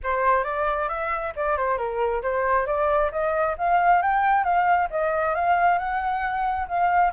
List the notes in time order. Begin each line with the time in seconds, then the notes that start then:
0.03 C5
0.44 D5
0.88 E5
1.36 D5
1.57 C5
1.77 A#4
2.22 C5
2.66 D5
3.11 D#5
3.58 F5
4.02 G5
4.44 F5
4.90 D#5
5.35 F5
5.78 F#5
6.68 F5